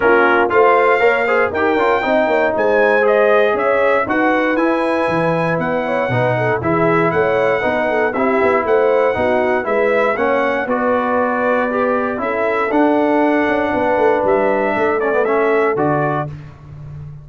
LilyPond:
<<
  \new Staff \with { instrumentName = "trumpet" } { \time 4/4 \tempo 4 = 118 ais'4 f''2 g''4~ | g''4 gis''4 dis''4 e''4 | fis''4 gis''2 fis''4~ | fis''4 e''4 fis''2 |
e''4 fis''2 e''4 | fis''4 d''2. | e''4 fis''2. | e''4. d''8 e''4 d''4 | }
  \new Staff \with { instrumentName = "horn" } { \time 4/4 f'4 c''4 cis''8 c''8 ais'4 | dis''8 cis''8 c''2 cis''4 | b'2.~ b'8 cis''8 | b'8 a'8 gis'4 cis''4 b'8 a'8 |
g'4 c''4 fis'4 b'4 | cis''4 b'2. | a'2. b'4~ | b'4 a'2. | }
  \new Staff \with { instrumentName = "trombone" } { \time 4/4 cis'4 f'4 ais'8 gis'8 g'8 f'8 | dis'2 gis'2 | fis'4 e'2. | dis'4 e'2 dis'4 |
e'2 dis'4 e'4 | cis'4 fis'2 g'4 | e'4 d'2.~ | d'4. cis'16 b16 cis'4 fis'4 | }
  \new Staff \with { instrumentName = "tuba" } { \time 4/4 ais4 a4 ais4 dis'8 cis'8 | c'8 ais8 gis2 cis'4 | dis'4 e'4 e4 b4 | b,4 e4 a4 b4 |
c'8 b8 a4 b4 gis4 | ais4 b2. | cis'4 d'4. cis'8 b8 a8 | g4 a2 d4 | }
>>